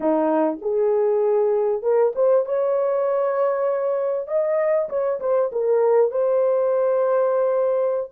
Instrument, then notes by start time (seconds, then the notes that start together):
horn
0.00 D#4
0.61 G#4
1.82 A#4
2.15 C5
2.45 C#5
4.27 D#5
4.89 C#5
5.20 C5
5.52 A#4
6.11 C5